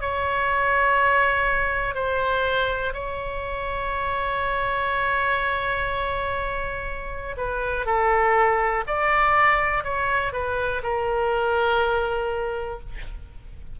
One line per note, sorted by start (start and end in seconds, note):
0.00 1.94 C#5
1.94 2.93 C5
2.93 7.35 C#5
7.37 7.86 B4
7.86 8.84 A4
8.87 9.84 D5
9.84 10.32 C#5
10.32 10.82 B4
10.83 12.80 A#4